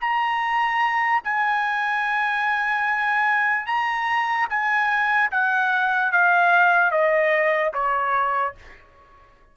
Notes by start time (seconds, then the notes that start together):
0.00 A#5
1.24 G#5
3.66 A#5
4.49 G#5
5.31 F#5
6.12 F5
6.91 D#5
7.74 C#5